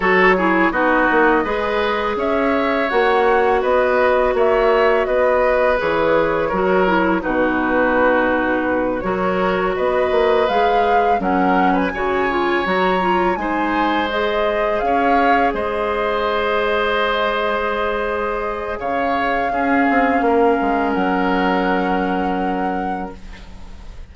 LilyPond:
<<
  \new Staff \with { instrumentName = "flute" } { \time 4/4 \tempo 4 = 83 cis''4 dis''2 e''4 | fis''4 dis''4 e''4 dis''4 | cis''2 b'2~ | b'8 cis''4 dis''4 f''4 fis''8~ |
fis''16 gis''4~ gis''16 ais''4 gis''4 dis''8~ | dis''8 f''4 dis''2~ dis''8~ | dis''2 f''2~ | f''4 fis''2. | }
  \new Staff \with { instrumentName = "oboe" } { \time 4/4 a'8 gis'8 fis'4 b'4 cis''4~ | cis''4 b'4 cis''4 b'4~ | b'4 ais'4 fis'2~ | fis'8 ais'4 b'2 ais'8~ |
ais'16 b'16 cis''2 c''4.~ | c''8 cis''4 c''2~ c''8~ | c''2 cis''4 gis'4 | ais'1 | }
  \new Staff \with { instrumentName = "clarinet" } { \time 4/4 fis'8 e'8 dis'4 gis'2 | fis'1 | gis'4 fis'8 e'8 dis'2~ | dis'8 fis'2 gis'4 cis'8~ |
cis'8 fis'8 f'8 fis'8 f'8 dis'4 gis'8~ | gis'1~ | gis'2. cis'4~ | cis'1 | }
  \new Staff \with { instrumentName = "bassoon" } { \time 4/4 fis4 b8 ais8 gis4 cis'4 | ais4 b4 ais4 b4 | e4 fis4 b,2~ | b,8 fis4 b8 ais8 gis4 fis8~ |
fis8 cis4 fis4 gis4.~ | gis8 cis'4 gis2~ gis8~ | gis2 cis4 cis'8 c'8 | ais8 gis8 fis2. | }
>>